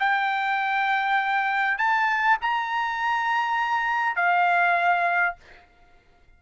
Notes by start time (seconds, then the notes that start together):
0.00 G5
1.78 A5
2.42 A#5
4.16 F5